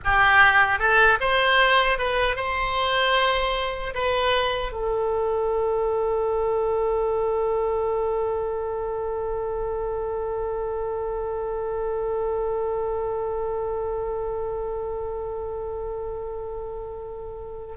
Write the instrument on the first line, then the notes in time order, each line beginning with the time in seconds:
oboe
0.04 G4
0.79 A4
1.20 C5
1.98 B4
2.35 C5
3.94 B4
4.72 A4